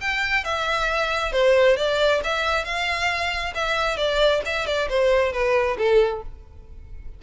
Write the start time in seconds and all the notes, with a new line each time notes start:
0.00 G5
0.44 E5
1.32 C5
1.76 D5
2.23 E5
2.64 F5
3.54 E5
3.97 D5
4.45 E5
4.66 D5
4.89 C5
5.32 B4
5.77 A4